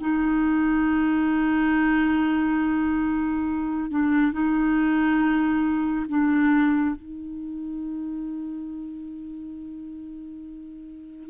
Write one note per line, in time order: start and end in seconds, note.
0.00 3.90 D#4
3.90 4.32 D4
4.32 6.06 D#4
6.09 6.96 D4
6.96 11.30 D#4